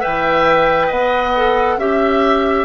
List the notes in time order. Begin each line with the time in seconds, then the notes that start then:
0.00 E3 B4 E5 G5
0.87 B3 D#5 F#5
1.36 A4
1.77 C#4 G4 E5